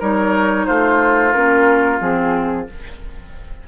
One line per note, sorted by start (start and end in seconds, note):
0.00 0.68 G3
0.00 1.33 D#4
0.00 0.67 A#4
0.00 0.67 C#5
0.67 1.36 A3
0.67 2.67 F4
0.67 1.33 C5
1.33 2.01 A#3
1.33 2.00 C#4
1.33 1.99 A#4
2.00 2.68 F3
2.00 2.66 C4
2.00 2.68 G#4